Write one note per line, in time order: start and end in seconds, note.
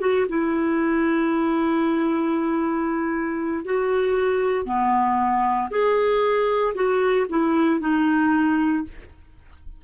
0.00 0.26 F#4
0.29 3.64 E4
3.64 4.65 F#4
4.65 5.68 B3
5.70 6.74 G#4
6.74 7.26 F#4
7.29 7.80 E4
7.80 8.84 D#4